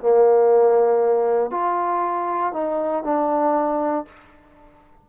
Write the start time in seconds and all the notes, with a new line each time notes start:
0.00 A#3
1.51 F4
2.53 D#4
3.04 D4